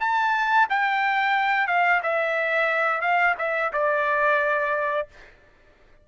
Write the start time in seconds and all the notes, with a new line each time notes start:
0.00 A5
0.69 G5
1.67 F5
2.03 E5
3.01 F5
3.38 E5
3.73 D5